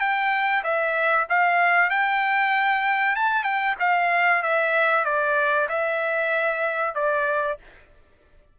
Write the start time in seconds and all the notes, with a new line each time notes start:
0.00 G5
0.64 E5
1.29 F5
1.90 G5
3.16 A5
3.44 G5
3.80 F5
4.43 E5
5.05 D5
5.69 E5
6.95 D5